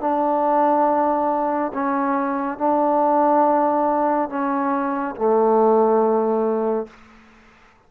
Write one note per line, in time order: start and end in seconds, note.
0.00 1.71 D4
1.73 2.58 C#4
2.58 4.29 D4
4.29 5.15 C#4
5.15 6.86 A3